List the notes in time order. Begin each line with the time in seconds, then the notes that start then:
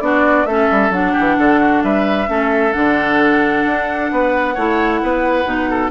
0.00 B3 D4 F#4 D5
0.45 A3 C#4 A4 E5
0.71 G3
0.90 F#3 D4 F#5
1.12 G4
1.19 E3
1.37 D3 A4
1.60 F#4
1.83 G3 B4 E5
2.27 A3 C#4 A4
2.72 D3 D4 F#5
3.65 D4
4.11 B3 B4
4.54 A3 E4 C#5
5.02 B3 B4
5.45 B2 D#4
5.69 A4